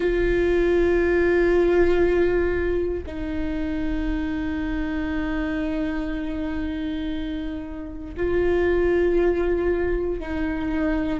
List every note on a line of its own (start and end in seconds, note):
0.00 3.03 F4
3.06 8.14 D#4
8.16 10.20 F4
10.20 11.19 D#4